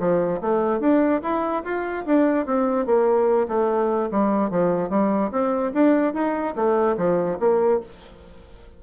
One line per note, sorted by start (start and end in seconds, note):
0.00 0.41 F3
0.41 0.80 A3
0.80 1.21 D4
1.23 1.64 E4
1.64 2.05 F4
2.06 2.46 D4
2.46 2.86 C4
2.86 3.48 A#3
3.48 4.10 A3
4.12 4.51 G3
4.51 4.90 F3
4.90 5.31 G3
5.32 5.73 C4
5.74 6.14 D4
6.14 6.55 D#4
6.56 6.97 A3
6.98 7.39 F3
7.40 7.81 A#3